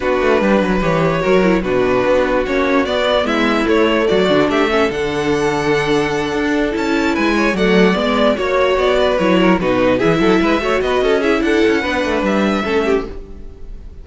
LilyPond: <<
  \new Staff \with { instrumentName = "violin" } { \time 4/4 \tempo 4 = 147 b'2 cis''2 | b'2 cis''4 d''4 | e''4 cis''4 d''4 e''4 | fis''1~ |
fis''8 a''4 gis''4 fis''4 d''8~ | d''8 cis''4 d''4 cis''4 b'8~ | b'8 e''2 dis''4 e''8 | fis''2 e''2 | }
  \new Staff \with { instrumentName = "violin" } { \time 4/4 fis'4 b'2 ais'4 | fis'1 | e'2 fis'4 g'8 a'8~ | a'1~ |
a'4. b'8 cis''8 d''4.~ | d''8 cis''4. b'4 ais'8 fis'8~ | fis'8 gis'8 a'8 b'8 cis''8 b'8 a'8 gis'8 | a'4 b'2 a'8 g'8 | }
  \new Staff \with { instrumentName = "viola" } { \time 4/4 d'2 g'4 fis'8 e'8 | d'2 cis'4 b4~ | b4 a4. d'4 cis'8 | d'1~ |
d'8 e'2 a4 b8~ | b8 fis'2 e'4 dis'8~ | dis'8 e'4. fis'4. e'8~ | e'4 d'2 cis'4 | }
  \new Staff \with { instrumentName = "cello" } { \time 4/4 b8 a8 g8 fis8 e4 fis4 | b,4 b4 ais4 b4 | gis4 a4 fis8 d8 a4 | d2.~ d8 d'8~ |
d'8 cis'4 gis4 fis4 gis8~ | gis8 ais4 b4 fis4 b,8~ | b,8 e8 fis8 gis8 a8 b8 cis'4 | d'8 cis'8 b8 a8 g4 a4 | }
>>